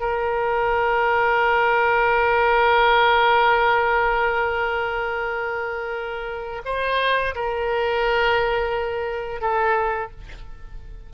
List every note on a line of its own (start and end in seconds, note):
0.00 6.63 A#4
6.65 7.35 C5
7.35 9.41 A#4
9.41 10.11 A4